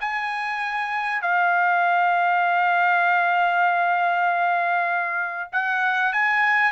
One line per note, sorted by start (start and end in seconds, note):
0.00 1.21 G#5
1.21 5.50 F5
5.52 6.13 F#5
6.13 6.72 G#5